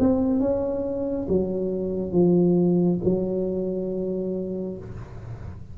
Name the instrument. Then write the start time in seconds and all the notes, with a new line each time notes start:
tuba
0.00 C4
0.41 C#4
1.29 F#3
2.13 F3
3.04 F#3